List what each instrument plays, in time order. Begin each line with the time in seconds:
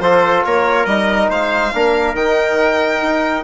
0.00 bassoon F3, trombone F4, trumpet A4, violin C5
0.45 bassoon A#3, trumpet A#4, violin C#5
0.86 bassoon G3, trombone D#4, violin D#5
1.29 bassoon G#3, trumpet C5, violin F5
1.73 bassoon A#3, trombone D4, trumpet A#4
2.14 bassoon D#3, trombone D#4, violin G5
3.02 bassoon D#4